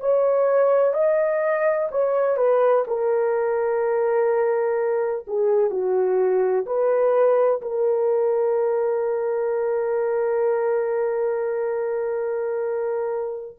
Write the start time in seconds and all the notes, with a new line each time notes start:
0.00 C#5
0.94 D#5
1.91 C#5
2.37 B4
2.87 A#4
5.27 G#4
5.70 F#4
6.66 B4
7.61 A#4